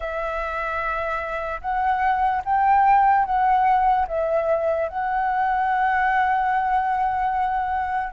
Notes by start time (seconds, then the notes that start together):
0.00 E5
1.61 F#5
2.44 G5
3.25 F#5
4.07 E5
4.89 F#5